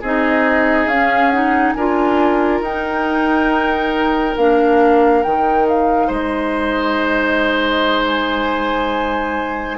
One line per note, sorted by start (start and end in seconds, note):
0.00 0.86 C4
0.00 0.91 D#4
0.00 1.74 G#4
0.00 0.87 D#5
0.86 1.73 C#4
0.86 1.29 F5
0.92 1.32 C#4
1.29 1.76 D#4
1.29 1.72 F#5
1.73 2.61 D4
1.73 2.65 F4
1.73 6.07 A#4
1.73 2.60 G#5
2.61 4.35 D#4
2.61 4.37 D#4
2.61 4.37 G5
4.37 5.24 A#3
4.37 5.24 D4
4.37 5.23 F5
5.23 6.09 D#3
5.23 9.78 D#4
5.23 5.66 G5
5.68 6.11 F5
6.07 9.78 G#3
6.07 9.76 C5
6.07 8.05 D#5
8.05 9.78 G#5